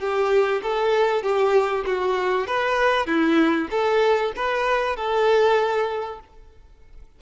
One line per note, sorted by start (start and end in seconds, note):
0.00 0.62 G4
0.63 1.23 A4
1.23 1.85 G4
1.86 2.47 F#4
2.47 3.07 B4
3.07 3.69 E4
3.71 4.33 A4
4.36 4.97 B4
4.97 6.20 A4